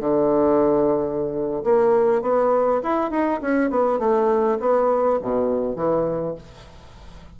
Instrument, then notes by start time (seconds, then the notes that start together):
bassoon
0.00 D3
1.64 A#3
2.22 B3
2.84 E4
3.11 D#4
3.42 C#4
3.70 B3
3.99 A3
4.60 B3
5.22 B2
5.76 E3